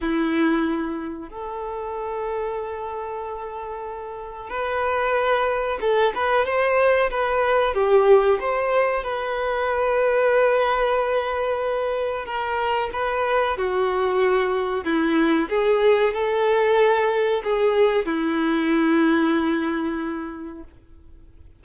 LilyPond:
\new Staff \with { instrumentName = "violin" } { \time 4/4 \tempo 4 = 93 e'2 a'2~ | a'2. b'4~ | b'4 a'8 b'8 c''4 b'4 | g'4 c''4 b'2~ |
b'2. ais'4 | b'4 fis'2 e'4 | gis'4 a'2 gis'4 | e'1 | }